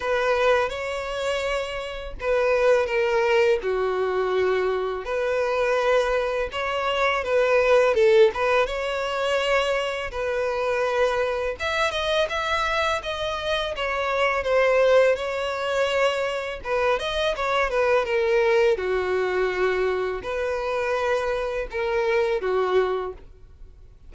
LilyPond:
\new Staff \with { instrumentName = "violin" } { \time 4/4 \tempo 4 = 83 b'4 cis''2 b'4 | ais'4 fis'2 b'4~ | b'4 cis''4 b'4 a'8 b'8 | cis''2 b'2 |
e''8 dis''8 e''4 dis''4 cis''4 | c''4 cis''2 b'8 dis''8 | cis''8 b'8 ais'4 fis'2 | b'2 ais'4 fis'4 | }